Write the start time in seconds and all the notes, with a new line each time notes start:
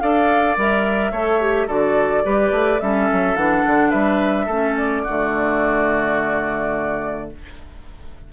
0.00 D4 A4 D5 F5
0.56 G3 A#4 E5
1.11 A3 A4 C#5
1.41 G4
1.67 D3 F#4 A4 D5
2.23 G3 G4 B4
2.51 A3
2.80 G3 C#4 A4 E5
3.12 F#3
3.35 E3 D4 F#5
3.66 D3
3.89 G3 B4 E5
4.46 A3 C#4 A4
4.77 D5
5.03 D3 A3 F#4